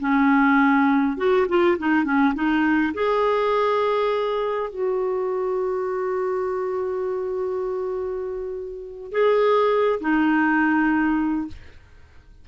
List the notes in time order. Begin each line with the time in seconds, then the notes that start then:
0.00 C#4
1.17 F#4
1.48 F4
1.78 D#4
2.04 C#4
2.34 D#4
2.94 G#4
4.70 F#4
9.11 G#4
10.00 D#4